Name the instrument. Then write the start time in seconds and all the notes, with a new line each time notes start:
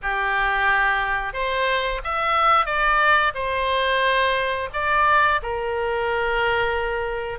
oboe
0.02 G4
1.33 C5
2.04 E5
2.65 D5
3.34 C5
4.73 D5
5.42 A#4